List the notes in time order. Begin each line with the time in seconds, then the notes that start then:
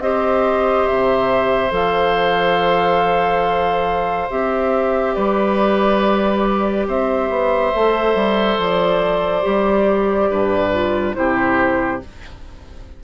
0.00 C4 G4 C5 D#5
0.87 C3 E5
1.71 F3 A4 F5
4.31 C4 G4 E5
5.15 G3 B4 D5
6.88 C4 C5 E5
7.30 B3
7.75 A3 A4
8.15 G3
8.58 F3 D5
9.42 G3 G4
10.30 G2 B4
10.72 F4
11.14 C3 E4 G4 C5